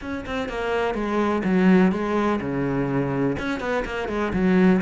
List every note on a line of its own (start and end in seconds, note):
0.01 0.25 C#4
0.26 0.48 C4
0.48 0.94 A#3
0.94 1.42 G#3
1.44 1.92 F#3
1.92 2.40 G#3
2.40 3.36 C#3
3.38 3.60 C#4
3.60 3.84 B3
3.85 4.08 A#3
4.08 4.32 G#3
4.33 4.81 F#3